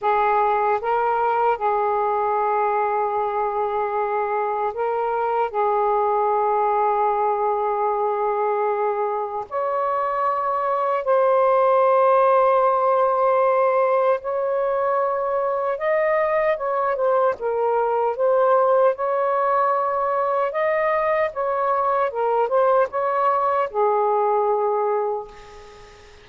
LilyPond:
\new Staff \with { instrumentName = "saxophone" } { \time 4/4 \tempo 4 = 76 gis'4 ais'4 gis'2~ | gis'2 ais'4 gis'4~ | gis'1 | cis''2 c''2~ |
c''2 cis''2 | dis''4 cis''8 c''8 ais'4 c''4 | cis''2 dis''4 cis''4 | ais'8 c''8 cis''4 gis'2 | }